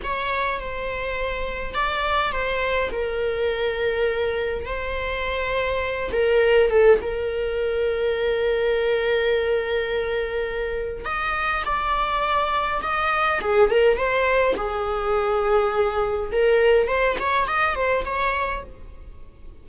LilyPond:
\new Staff \with { instrumentName = "viola" } { \time 4/4 \tempo 4 = 103 cis''4 c''2 d''4 | c''4 ais'2. | c''2~ c''8 ais'4 a'8 | ais'1~ |
ais'2. dis''4 | d''2 dis''4 gis'8 ais'8 | c''4 gis'2. | ais'4 c''8 cis''8 dis''8 c''8 cis''4 | }